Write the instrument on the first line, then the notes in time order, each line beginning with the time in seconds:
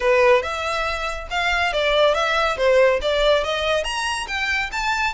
violin
0.00 B4
0.42 E5
1.30 F5
1.72 D5
2.14 E5
2.57 C5
3.01 D5
3.43 D#5
3.84 A#5
4.27 G5
4.72 A5